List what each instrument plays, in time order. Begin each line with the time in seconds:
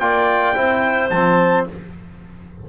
0.00 double bass A#3, trombone F4, clarinet D5, trumpet G5
0.56 double bass C4, trombone E4, clarinet C5
1.10 double bass F3, trombone C4, trumpet A5